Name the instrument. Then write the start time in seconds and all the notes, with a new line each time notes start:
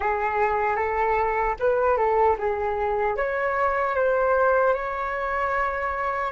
flute
0.00 G#4
0.76 A4
1.59 B4
1.97 A4
2.38 G#4
3.16 C#5
3.95 C5
4.74 C#5